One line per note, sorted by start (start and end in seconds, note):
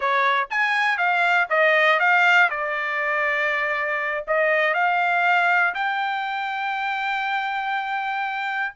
0.00 0.48 C#5
0.50 0.97 G#5
0.97 1.47 F5
1.49 1.99 D#5
1.99 2.49 F5
2.50 4.25 D5
4.27 4.74 D#5
4.74 5.74 F5
5.74 8.74 G5